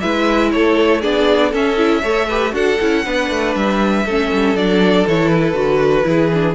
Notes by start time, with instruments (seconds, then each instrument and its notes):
0.00 cello G#3, viola E4, violin B4 E5
0.51 cello A3, violin A4 C#5
1.01 cello B3, viola D4, violin G#4 D5
1.50 viola C#4, cello C#4, violin A4 E5
1.77 viola E4
2.02 cello A3, viola A4, violin C#5
2.28 viola G4, violin B4
2.51 cello D4, viola F#4, violin A4 F#5
2.81 cello C#4, viola E4
3.04 cello B3, viola D4, violin B4
3.30 cello A3
3.55 cello G3, violin E5
4.05 cello A3, viola C#4, violin A4
4.33 cello G3
4.55 cello F#3, viola D4, violin D5
5.07 cello E3, viola E4, violin C#5
5.29 violin B4
5.53 cello D3, viola F#4
6.04 cello E3, viola E4, violin G#4
6.34 viola D4